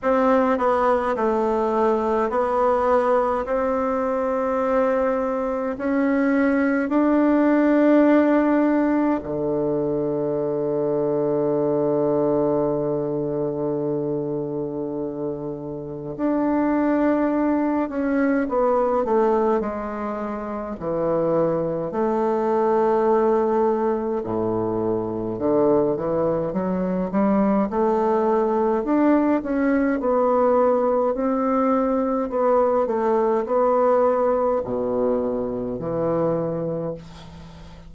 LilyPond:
\new Staff \with { instrumentName = "bassoon" } { \time 4/4 \tempo 4 = 52 c'8 b8 a4 b4 c'4~ | c'4 cis'4 d'2 | d1~ | d2 d'4. cis'8 |
b8 a8 gis4 e4 a4~ | a4 a,4 d8 e8 fis8 g8 | a4 d'8 cis'8 b4 c'4 | b8 a8 b4 b,4 e4 | }